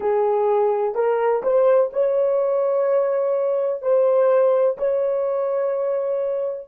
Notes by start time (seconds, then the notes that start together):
0.00 G#4
0.94 A#4
1.42 C5
1.93 C#5
3.81 C5
4.77 C#5